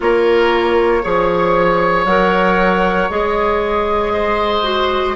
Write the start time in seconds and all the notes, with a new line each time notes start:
0.00 A#3 F4 A#4 C#5
1.02 F3 G#4 C#5
2.05 F#3 A#4 F#5
3.09 G#3 G#4 D#5
4.13 C5
4.63 F#4